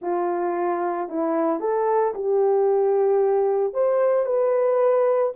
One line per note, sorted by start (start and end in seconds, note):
0.01 1.08 F4
1.08 1.60 E4
1.60 2.13 A4
2.14 3.73 G4
3.73 4.25 C5
4.25 5.32 B4